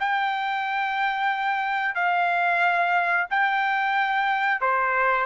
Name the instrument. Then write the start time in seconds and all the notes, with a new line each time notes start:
trumpet
0.00 G5
1.95 F5
3.30 G5
4.61 C5